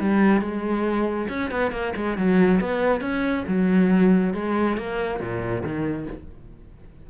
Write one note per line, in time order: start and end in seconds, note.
0.00 0.41 G3
0.41 1.28 G#3
1.29 1.51 C#4
1.51 1.72 B3
1.72 1.93 A#3
1.96 2.17 G#3
2.17 2.60 F#3
2.60 3.01 B3
3.01 3.44 C#4
3.48 4.34 F#3
4.34 4.77 G#3
4.77 5.20 A#3
5.20 5.63 A#2
5.63 6.07 D#3